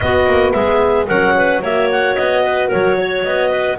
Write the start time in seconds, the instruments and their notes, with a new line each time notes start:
0.00 double bass B3, horn B3, clarinet F#4 D#5
0.26 double bass A#3
0.52 double bass G#3, clarinet G#4 E5
1.07 double bass F#3, horn C#4, clarinet A#4 F#5
1.36 clarinet B4
1.62 double bass A#3, horn F#4, clarinet C#5 E5
1.91 clarinet F#5
2.15 double bass B3, clarinet D#5
2.43 clarinet B4
2.68 double bass F#3, clarinet A#4 C#5
2.97 clarinet C#5
3.23 double bass B3, clarinet D#5
3.49 clarinet B4